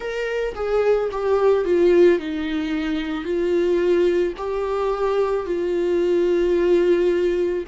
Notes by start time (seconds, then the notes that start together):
0.00 A#4
0.55 G#4
1.11 G4
1.64 F4
2.19 D#4
3.24 F4
4.37 G4
5.45 F4